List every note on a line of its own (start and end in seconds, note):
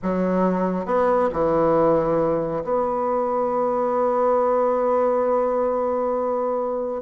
0.02 0.85 F#3
0.85 1.29 B3
1.32 2.63 E3
2.64 7.01 B3